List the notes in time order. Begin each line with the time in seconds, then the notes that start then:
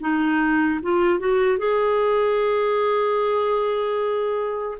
0.00 D#4
0.83 F4
1.19 F#4
1.58 G#4